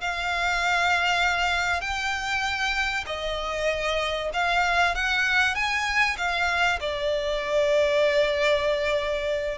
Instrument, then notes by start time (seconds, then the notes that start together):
violin
0.00 F5
1.81 G5
3.06 D#5
4.33 F5
4.95 F#5
5.54 G#5
6.17 F5
6.80 D5